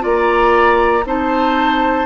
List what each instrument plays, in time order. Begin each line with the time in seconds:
0.00 bassoon A#3, clarinet F4, oboe D5, flute A#5
1.05 bassoon C4, clarinet D#4, oboe C5, flute A5